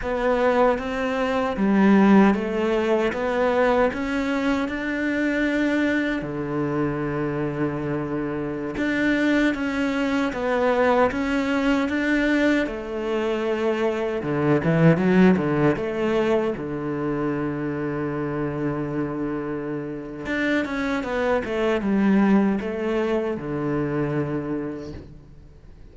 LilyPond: \new Staff \with { instrumentName = "cello" } { \time 4/4 \tempo 4 = 77 b4 c'4 g4 a4 | b4 cis'4 d'2 | d2.~ d16 d'8.~ | d'16 cis'4 b4 cis'4 d'8.~ |
d'16 a2 d8 e8 fis8 d16~ | d16 a4 d2~ d8.~ | d2 d'8 cis'8 b8 a8 | g4 a4 d2 | }